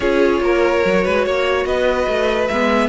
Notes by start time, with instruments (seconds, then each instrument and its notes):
0.00 cello C#4, viola F4, violin G#4 C#5
0.40 cello A#3, violin A#4
0.84 cello F#3, viola F#4
1.04 cello G#3, violin B4
1.25 cello A#3, violin C#5
1.65 cello B3, violin B4 D#5
2.07 cello A3
2.47 cello G#3, viola B3, violin E5